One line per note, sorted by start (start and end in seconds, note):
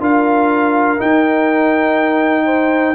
0.00 0.98 D4
0.00 0.98 F4
0.00 2.45 A#4
0.00 1.01 F5
0.98 2.94 D#4
0.98 2.95 D#4
0.98 2.95 G5
2.45 2.94 C5